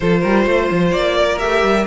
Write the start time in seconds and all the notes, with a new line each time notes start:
0.00 F3 F4 A4 C5
0.21 G3 A#4
0.46 A3 C5
0.71 F3
0.91 A#3 D5
1.17 A#4
1.38 A3 G4 E5
1.62 G3